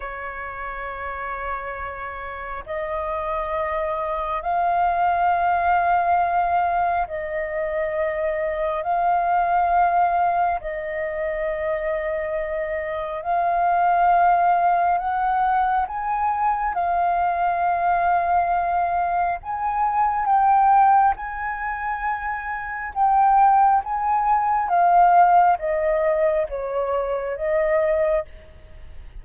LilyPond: \new Staff \with { instrumentName = "flute" } { \time 4/4 \tempo 4 = 68 cis''2. dis''4~ | dis''4 f''2. | dis''2 f''2 | dis''2. f''4~ |
f''4 fis''4 gis''4 f''4~ | f''2 gis''4 g''4 | gis''2 g''4 gis''4 | f''4 dis''4 cis''4 dis''4 | }